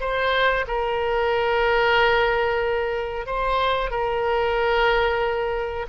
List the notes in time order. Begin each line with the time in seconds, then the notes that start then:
0.00 C5
0.67 A#4
3.26 C5
3.90 A#4